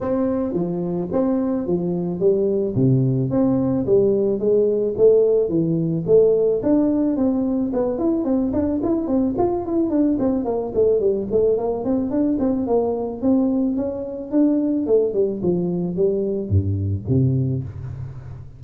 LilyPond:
\new Staff \with { instrumentName = "tuba" } { \time 4/4 \tempo 4 = 109 c'4 f4 c'4 f4 | g4 c4 c'4 g4 | gis4 a4 e4 a4 | d'4 c'4 b8 e'8 c'8 d'8 |
e'8 c'8 f'8 e'8 d'8 c'8 ais8 a8 | g8 a8 ais8 c'8 d'8 c'8 ais4 | c'4 cis'4 d'4 a8 g8 | f4 g4 g,4 c4 | }